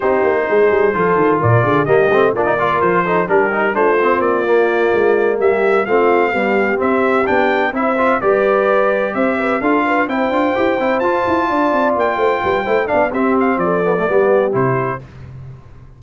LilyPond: <<
  \new Staff \with { instrumentName = "trumpet" } { \time 4/4 \tempo 4 = 128 c''2. d''4 | dis''4 d''4 c''4 ais'4 | c''4 d''2~ d''8 e''8~ | e''8 f''2 e''4 g''8~ |
g''8 e''4 d''2 e''8~ | e''8 f''4 g''2 a''8~ | a''4. g''2 f''8 | e''8 f''8 d''2 c''4 | }
  \new Staff \with { instrumentName = "horn" } { \time 4/4 g'4 gis'4 a'4 ais'8 gis'8 | g'4 f'8 ais'4 a'8 g'4 | f'2.~ f'8 g'8~ | g'8 f'4 g'2~ g'8~ |
g'8 c''4 b'2 c''8 | b'8 a'8 b'8 c''2~ c''8~ | c''8 d''4. c''8 b'8 c''8 d''8 | g'4 a'4 g'2 | }
  \new Staff \with { instrumentName = "trombone" } { \time 4/4 dis'2 f'2 | ais8 c'8 d'16 dis'16 f'4 dis'8 d'8 dis'8 | d'8 c'4 ais2~ ais8~ | ais8 c'4 g4 c'4 d'8~ |
d'8 e'8 f'8 g'2~ g'8~ | g'8 f'4 e'8 f'8 g'8 e'8 f'8~ | f'2. e'8 d'8 | c'4. b16 a16 b4 e'4 | }
  \new Staff \with { instrumentName = "tuba" } { \time 4/4 c'8 ais8 gis8 g8 f8 dis8 ais,8 d8 | g8 a8 ais4 f4 g4 | a4 ais4. gis4 g8~ | g8 a4 b4 c'4 b8~ |
b8 c'4 g2 c'8~ | c'8 d'4 c'8 d'8 e'8 c'8 f'8 | e'8 d'8 c'8 ais8 a8 g8 a8 b8 | c'4 f4 g4 c4 | }
>>